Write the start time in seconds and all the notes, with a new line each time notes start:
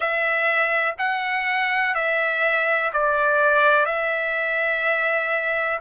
0.00 E5
0.98 F#5
1.94 E5
2.93 D5
3.85 E5